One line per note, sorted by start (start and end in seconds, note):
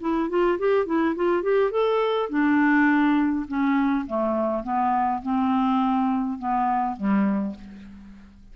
0.00 0.29 E4
0.29 0.58 F4
0.59 0.86 G4
0.86 1.15 E4
1.15 1.42 F4
1.42 1.71 G4
1.71 2.29 A4
2.29 3.46 D4
3.48 4.06 C#4
4.06 4.63 A3
4.63 5.22 B3
5.22 6.39 C4
6.39 6.97 B3
6.97 7.55 G3